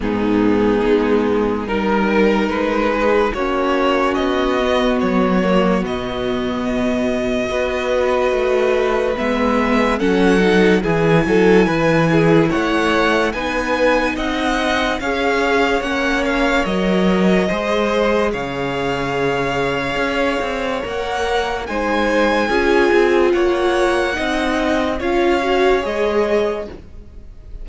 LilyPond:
<<
  \new Staff \with { instrumentName = "violin" } { \time 4/4 \tempo 4 = 72 gis'2 ais'4 b'4 | cis''4 dis''4 cis''4 dis''4~ | dis''2. e''4 | fis''4 gis''2 fis''4 |
gis''4 fis''4 f''4 fis''8 f''8 | dis''2 f''2~ | f''4 fis''4 gis''2 | fis''2 f''4 dis''4 | }
  \new Staff \with { instrumentName = "violin" } { \time 4/4 dis'2 ais'4. gis'8 | fis'1~ | fis'4 b'2. | a'4 gis'8 a'8 b'8 gis'8 cis''4 |
b'4 dis''4 cis''2~ | cis''4 c''4 cis''2~ | cis''2 c''4 gis'4 | cis''4 dis''4 cis''2 | }
  \new Staff \with { instrumentName = "viola" } { \time 4/4 b2 dis'2 | cis'4. b4 ais8 b4~ | b4 fis'2 b4 | cis'8 dis'8 e'2. |
dis'2 gis'4 cis'4 | ais'4 gis'2.~ | gis'4 ais'4 dis'4 f'4~ | f'4 dis'4 f'8 fis'8 gis'4 | }
  \new Staff \with { instrumentName = "cello" } { \time 4/4 gis,4 gis4 g4 gis4 | ais4 b4 fis4 b,4~ | b,4 b4 a4 gis4 | fis4 e8 fis8 e4 a4 |
b4 c'4 cis'4 ais4 | fis4 gis4 cis2 | cis'8 c'8 ais4 gis4 cis'8 c'8 | ais4 c'4 cis'4 gis4 | }
>>